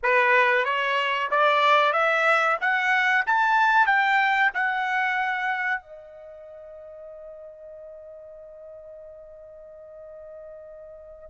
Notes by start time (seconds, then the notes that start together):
0.03 B4
0.64 C#5
1.30 D5
1.92 E5
2.60 F#5
3.26 A5
3.86 G5
4.53 F#5
5.81 D#5